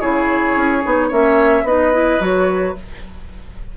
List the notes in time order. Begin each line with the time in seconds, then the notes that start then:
0.00 C#3 E4 G#4 C#5
0.56 C#4
0.82 B3 D#4
1.08 A#3 C#4 C#5 E5
1.63 B3 D#4 B4 D#5
1.93 E4
2.20 F#3 F#4 C#5